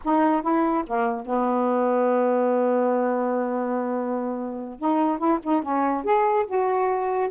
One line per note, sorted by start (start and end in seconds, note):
0.04 0.42 D#4
0.42 0.83 E4
0.86 1.25 A#3
1.25 4.79 B3
4.79 5.18 D#4
5.18 5.38 E4
5.43 5.62 D#4
5.62 6.04 C#4
6.04 6.45 G#4
6.46 7.30 F#4